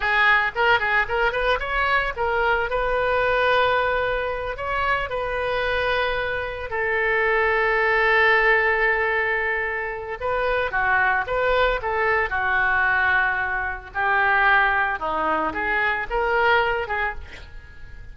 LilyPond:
\new Staff \with { instrumentName = "oboe" } { \time 4/4 \tempo 4 = 112 gis'4 ais'8 gis'8 ais'8 b'8 cis''4 | ais'4 b'2.~ | b'8 cis''4 b'2~ b'8~ | b'8 a'2.~ a'8~ |
a'2. b'4 | fis'4 b'4 a'4 fis'4~ | fis'2 g'2 | dis'4 gis'4 ais'4. gis'8 | }